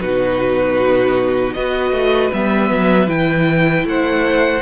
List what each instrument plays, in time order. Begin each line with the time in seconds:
0.00 cello B2, viola D#4, violin F#4 B4
1.54 cello B3, viola F#4, violin B4 D#5
1.92 cello A3
2.33 cello G3, viola B3, violin E5
2.70 cello F#3
3.07 cello E3, viola E4, violin G5
3.84 cello A3, violin C5 F#5